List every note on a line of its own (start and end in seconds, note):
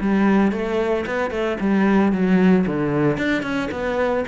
0.00 0.51 G3
0.51 1.05 A3
1.06 1.30 B3
1.30 1.57 A3
1.60 2.12 G3
2.12 2.65 F#3
2.66 3.17 D3
3.17 3.42 D4
3.42 3.69 C#4
3.71 4.24 B3